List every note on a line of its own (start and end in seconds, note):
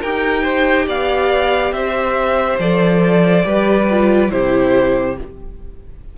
0.00 0.88 D#4
0.00 2.61 G4
0.00 0.43 A#4
0.00 0.88 G5
0.43 0.86 C5
0.87 1.72 B3
0.87 1.73 D5
0.87 1.73 F5
1.72 2.58 C4
1.72 3.46 C5
1.72 2.59 E5
2.59 3.44 F3
2.59 3.44 A4
2.59 4.31 D5
3.44 4.31 G3
3.44 3.87 G4
3.44 4.32 B4
3.90 4.31 F4
4.31 5.18 C3
4.31 5.17 E4
4.31 5.18 G4
4.31 5.17 C5